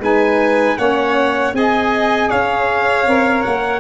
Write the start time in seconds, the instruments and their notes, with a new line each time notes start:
0.00 tuba G#3, saxophone D#4, violin B4, trumpet G#5
0.78 tuba A#3, saxophone C#4, violin C#5, trumpet F#5
1.53 tuba C4, saxophone G#4, violin D#5, trumpet G#5
2.30 tuba C#4, violin C#5, trumpet F5
3.07 tuba C4, saxophone A#4
3.43 tuba A#3, trumpet F#5